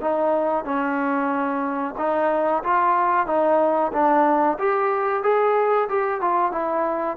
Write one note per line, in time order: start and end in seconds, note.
0.00 0.64 D#4
0.64 1.95 C#4
1.97 2.63 D#4
2.63 3.26 F4
3.26 3.91 D#4
3.92 4.57 D4
4.58 5.23 G4
5.23 5.88 G#4
5.89 6.20 G4
6.20 6.52 F4
6.52 7.17 E4